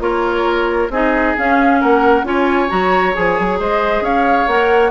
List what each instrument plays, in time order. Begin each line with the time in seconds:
0.00 bassoon A#3, clarinet F4, oboe A#4, flute C#5
0.90 bassoon C4, clarinet D#4, oboe G#4, flute D#5
1.37 clarinet C#4, bassoon C#4, flute F5
1.81 bassoon A#3, oboe A#4, flute F#5
2.24 bassoon C#4, clarinet F4, oboe C#5, flute G#5
2.69 bassoon F#3, clarinet F#4, flute A#5
3.14 bassoon F3, clarinet G#4, flute G#5
3.39 bassoon F#3
3.59 bassoon G#3, oboe C5, flute D#5
4.01 bassoon C#4, oboe C#5, flute F5
4.48 bassoon A#3, clarinet A#4, flute F#5